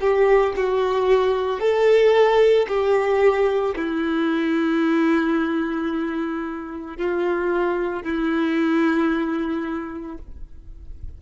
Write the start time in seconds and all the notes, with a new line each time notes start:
0.00 G4
0.56 F#4
1.60 A4
2.68 G4
3.76 E4
6.97 F4
8.03 E4